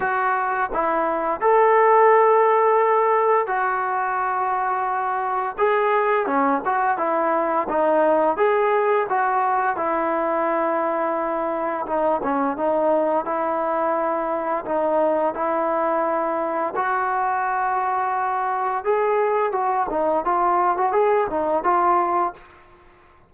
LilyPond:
\new Staff \with { instrumentName = "trombone" } { \time 4/4 \tempo 4 = 86 fis'4 e'4 a'2~ | a'4 fis'2. | gis'4 cis'8 fis'8 e'4 dis'4 | gis'4 fis'4 e'2~ |
e'4 dis'8 cis'8 dis'4 e'4~ | e'4 dis'4 e'2 | fis'2. gis'4 | fis'8 dis'8 f'8. fis'16 gis'8 dis'8 f'4 | }